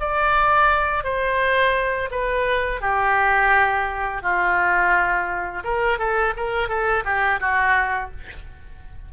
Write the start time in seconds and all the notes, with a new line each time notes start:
0.00 D5
1.04 C5
2.11 B4
2.81 G4
4.22 F4
5.64 A#4
5.98 A4
6.37 A#4
6.68 A4
7.05 G4
7.40 F#4